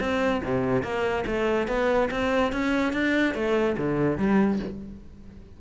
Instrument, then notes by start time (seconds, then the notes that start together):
cello
0.00 C4
0.44 C3
0.83 A#3
1.26 A3
1.68 B3
2.11 C4
2.52 C#4
2.93 D4
3.34 A3
3.77 D3
4.18 G3